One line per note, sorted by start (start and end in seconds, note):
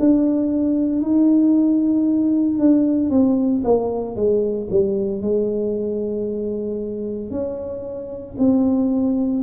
0.00 1.02 D4
1.02 2.59 D#4
2.59 3.11 D4
3.11 3.63 C4
3.65 4.16 A#3
4.16 4.69 G#3
4.71 5.22 G3
5.22 7.31 G#3
7.31 8.36 C#4
8.38 9.44 C4